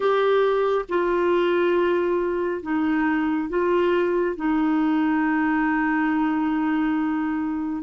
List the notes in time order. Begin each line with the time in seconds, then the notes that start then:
0.00 G4
0.89 F4
2.62 D#4
3.49 F4
4.36 D#4